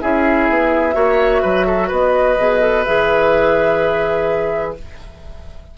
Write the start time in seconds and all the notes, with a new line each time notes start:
0.00 C#4 E4 G#4 E5
0.49 B3
0.93 A#3 F#4 C#5
1.42 F#3 B4
1.66 A4
1.88 B3 B4 D#5
2.38 B2 G#4
2.61 A4
2.84 E3 G#4 E5